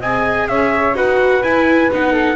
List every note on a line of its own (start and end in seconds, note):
0.00 0.48 C4
0.00 0.95 G#4
0.00 0.47 D#5
0.00 0.48 G#5
0.48 0.94 C#4
0.48 0.97 C#5
0.48 0.95 E5
0.94 1.42 D#4
0.94 1.42 F#4
0.94 2.12 B4
0.94 1.43 F#5
1.43 1.90 E4
1.43 1.92 E4
1.43 1.91 G#5
1.92 2.37 B3
1.92 2.37 D#4
1.92 2.37 F#5
2.12 2.36 A4